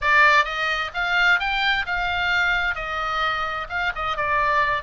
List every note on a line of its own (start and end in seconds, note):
0.01 0.44 D5
0.44 0.91 D#5
0.93 1.39 F5
1.39 1.85 G5
1.86 2.75 F5
2.75 3.67 D#5
3.69 3.92 F5
3.95 4.16 D#5
4.16 4.82 D5